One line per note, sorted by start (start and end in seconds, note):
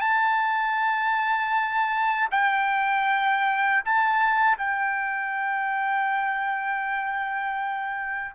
0.00 2.28 A5
2.31 3.83 G5
3.85 4.57 A5
4.57 8.35 G5